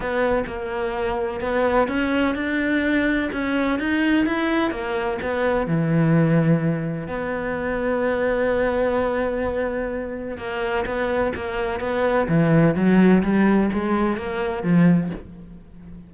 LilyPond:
\new Staff \with { instrumentName = "cello" } { \time 4/4 \tempo 4 = 127 b4 ais2 b4 | cis'4 d'2 cis'4 | dis'4 e'4 ais4 b4 | e2. b4~ |
b1~ | b2 ais4 b4 | ais4 b4 e4 fis4 | g4 gis4 ais4 f4 | }